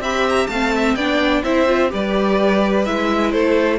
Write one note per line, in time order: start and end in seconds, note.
0.00 0.47 C4
0.00 0.52 G4
0.00 0.49 E5
0.00 0.28 B5
0.29 0.47 A#5
0.47 0.96 A3
0.47 0.99 C4
0.47 0.74 F5
0.47 0.94 A5
0.75 0.96 E5
0.95 1.43 B3
0.95 1.44 D4
0.95 1.43 D5
0.95 1.43 G5
1.44 1.93 C4
1.44 1.67 E4
1.44 1.91 C5
1.44 1.91 E5
1.67 1.89 F4
1.89 2.88 G3
1.89 2.84 G4
1.89 3.33 B4
1.89 2.85 D5
2.85 3.34 G#3
2.85 3.79 E4
2.85 3.32 E5
3.32 3.79 A3
3.32 3.79 A4
3.32 3.79 C5